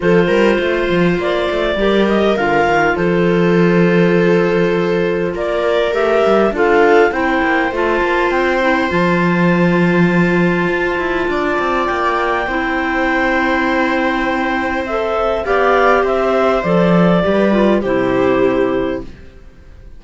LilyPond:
<<
  \new Staff \with { instrumentName = "clarinet" } { \time 4/4 \tempo 4 = 101 c''2 d''4. dis''8 | f''4 c''2.~ | c''4 d''4 e''4 f''4 | g''4 a''4 g''4 a''4~ |
a''1 | g''1~ | g''4 e''4 f''4 e''4 | d''2 c''2 | }
  \new Staff \with { instrumentName = "viola" } { \time 4/4 a'8 ais'8 c''2 ais'4~ | ais'4 a'2.~ | a'4 ais'2 a'4 | c''1~ |
c''2. d''4~ | d''4 c''2.~ | c''2 d''4 c''4~ | c''4 b'4 g'2 | }
  \new Staff \with { instrumentName = "clarinet" } { \time 4/4 f'2. g'4 | f'1~ | f'2 g'4 f'4 | e'4 f'4. e'8 f'4~ |
f'1~ | f'4 e'2.~ | e'4 a'4 g'2 | a'4 g'8 f'8 e'2 | }
  \new Staff \with { instrumentName = "cello" } { \time 4/4 f8 g8 a8 f8 ais8 a8 g4 | d8 dis8 f2.~ | f4 ais4 a8 g8 d'4 | c'8 ais8 a8 ais8 c'4 f4~ |
f2 f'8 e'8 d'8 c'8 | ais4 c'2.~ | c'2 b4 c'4 | f4 g4 c2 | }
>>